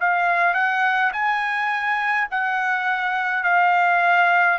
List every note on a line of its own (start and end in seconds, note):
0.00 0.54 F5
0.54 1.12 F#5
1.13 2.28 G#5
2.31 3.44 F#5
3.44 4.58 F5